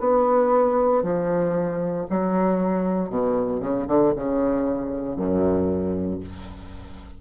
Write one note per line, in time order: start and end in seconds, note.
0.00 1.03 B3
1.03 2.07 F3
2.11 3.10 F#3
3.10 3.61 B2
3.61 3.87 C#3
3.87 4.13 D3
4.17 5.17 C#3
5.17 6.20 F#2